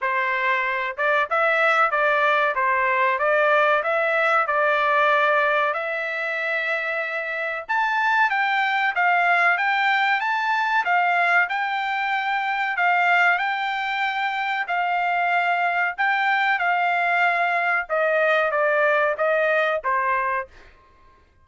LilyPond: \new Staff \with { instrumentName = "trumpet" } { \time 4/4 \tempo 4 = 94 c''4. d''8 e''4 d''4 | c''4 d''4 e''4 d''4~ | d''4 e''2. | a''4 g''4 f''4 g''4 |
a''4 f''4 g''2 | f''4 g''2 f''4~ | f''4 g''4 f''2 | dis''4 d''4 dis''4 c''4 | }